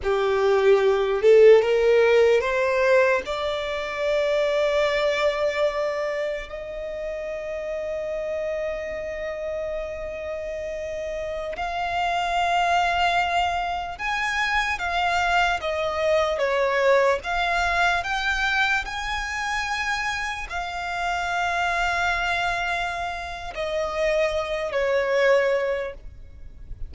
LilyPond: \new Staff \with { instrumentName = "violin" } { \time 4/4 \tempo 4 = 74 g'4. a'8 ais'4 c''4 | d''1 | dis''1~ | dis''2~ dis''16 f''4.~ f''16~ |
f''4~ f''16 gis''4 f''4 dis''8.~ | dis''16 cis''4 f''4 g''4 gis''8.~ | gis''4~ gis''16 f''2~ f''8.~ | f''4 dis''4. cis''4. | }